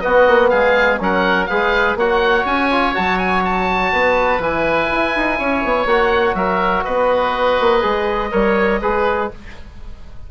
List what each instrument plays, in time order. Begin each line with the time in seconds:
0.00 trombone B3, bassoon B3, oboe F#4 D#5
0.27 bassoon A#3
0.49 bassoon G#3, oboe G#4 F5
1.00 bassoon F#3, trombone C#4, oboe A#4 F#5
1.46 bassoon G#3, trombone G#4, oboe B4 F5
1.95 bassoon A#3, trombone F#4, oboe C#5 F#5
2.45 bassoon C#4, oboe G#5
2.71 trombone F4
2.94 bassoon F#3, trombone F#4, oboe A5
3.18 oboe G#5
3.45 oboe A5
3.92 bassoon B3, oboe B4
4.39 bassoon E3, trombone E4, oboe G#5
4.92 bassoon E4
5.16 bassoon D#4
5.38 bassoon C#4, oboe C#5
5.64 bassoon B3
5.85 bassoon A#3, trombone F#4, oboe F#5
6.34 bassoon F#3, oboe A#4 E5
6.84 bassoon B3, oboe B4 D#5
7.60 bassoon A#3
7.81 bassoon G#3, trombone G#4
8.31 bassoon G3, trombone A#4, oboe C#5
8.81 bassoon G#3, trombone G#4, oboe B4